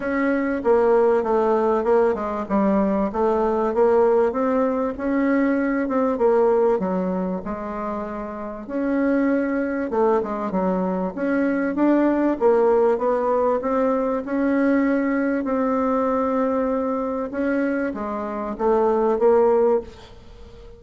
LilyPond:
\new Staff \with { instrumentName = "bassoon" } { \time 4/4 \tempo 4 = 97 cis'4 ais4 a4 ais8 gis8 | g4 a4 ais4 c'4 | cis'4. c'8 ais4 fis4 | gis2 cis'2 |
a8 gis8 fis4 cis'4 d'4 | ais4 b4 c'4 cis'4~ | cis'4 c'2. | cis'4 gis4 a4 ais4 | }